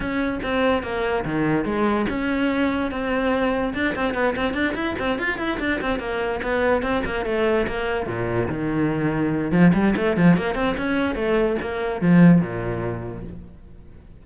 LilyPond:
\new Staff \with { instrumentName = "cello" } { \time 4/4 \tempo 4 = 145 cis'4 c'4 ais4 dis4 | gis4 cis'2 c'4~ | c'4 d'8 c'8 b8 c'8 d'8 e'8 | c'8 f'8 e'8 d'8 c'8 ais4 b8~ |
b8 c'8 ais8 a4 ais4 ais,8~ | ais,8 dis2~ dis8 f8 g8 | a8 f8 ais8 c'8 cis'4 a4 | ais4 f4 ais,2 | }